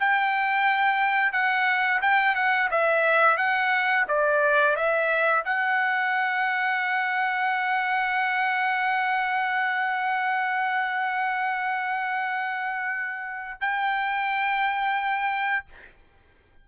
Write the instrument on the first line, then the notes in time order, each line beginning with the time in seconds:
trumpet
0.00 G5
1.33 F#5
2.02 G5
2.35 F#5
2.71 E5
3.37 F#5
4.08 D5
4.76 E5
5.45 F#5
13.61 G5